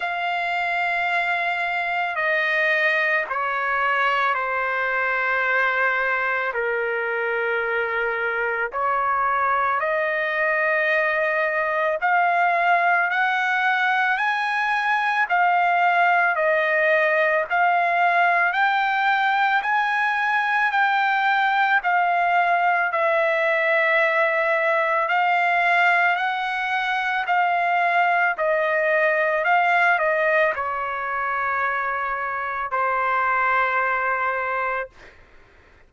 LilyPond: \new Staff \with { instrumentName = "trumpet" } { \time 4/4 \tempo 4 = 55 f''2 dis''4 cis''4 | c''2 ais'2 | cis''4 dis''2 f''4 | fis''4 gis''4 f''4 dis''4 |
f''4 g''4 gis''4 g''4 | f''4 e''2 f''4 | fis''4 f''4 dis''4 f''8 dis''8 | cis''2 c''2 | }